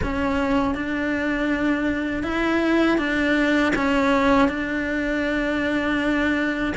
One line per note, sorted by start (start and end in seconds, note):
0.02 0.74 C#4
0.74 2.23 D4
2.23 2.98 E4
2.98 3.73 D4
3.75 4.48 C#4
4.48 6.73 D4